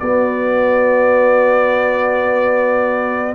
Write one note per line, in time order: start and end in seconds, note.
0.00 3.35 B3
0.00 3.35 F#4
0.00 3.33 D5